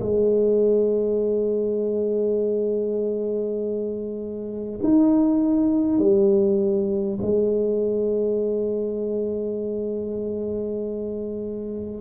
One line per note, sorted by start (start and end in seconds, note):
0.00 4.80 G#3
4.83 5.98 D#4
5.98 7.18 G3
7.22 12.01 G#3